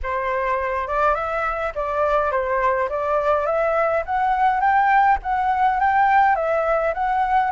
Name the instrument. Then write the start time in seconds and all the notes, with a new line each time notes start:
flute
0.02 C5
0.87 D5
1.15 E5
1.75 D5
2.31 C5
2.89 D5
3.45 E5
4.05 F#5
4.60 G5
5.23 F#5
5.80 G5
6.35 E5
6.94 F#5